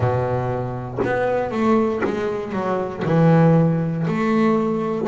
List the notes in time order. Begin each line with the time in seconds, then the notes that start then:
0.00 B2
1.04 B3
1.51 A3
2.04 G#3
2.52 F#3
3.05 E3
4.07 A3